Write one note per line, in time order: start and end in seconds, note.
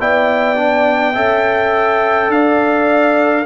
0.00 1.16 B3
0.00 0.56 E4
0.00 1.13 D5
0.00 2.31 G5
0.56 1.14 D4
1.13 2.29 C#4
1.13 3.45 A4
1.13 2.29 E5
2.29 3.44 D4
2.29 3.46 D5
2.29 3.46 F5